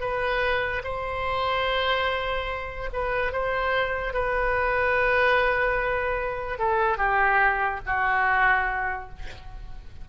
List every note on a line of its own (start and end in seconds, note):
0.00 0.82 B4
0.84 2.89 C5
2.93 3.32 B4
3.32 4.13 C5
4.13 6.59 B4
6.59 6.98 A4
6.98 7.80 G4
7.86 9.09 F#4